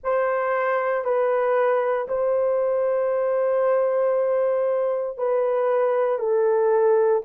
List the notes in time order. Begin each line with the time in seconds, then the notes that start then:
0.03 C5
1.04 B4
2.08 C5
5.17 B4
6.18 A4